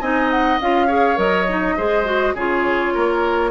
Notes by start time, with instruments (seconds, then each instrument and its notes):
0.00 bassoon C4, clarinet D#4, oboe D#5, flute G#5
0.30 flute F#5
0.61 bassoon C#4, clarinet F4, flute F5
0.87 clarinet G#4, oboe C#5
1.16 bassoon F#3, clarinet A#4, flute D#5
1.49 clarinet D#4
1.77 bassoon G#3, clarinet G#4, oboe C5
2.05 clarinet F#4
2.34 bassoon C#3, clarinet F4, oboe G#4, flute C#5
2.94 bassoon A#3, oboe A#4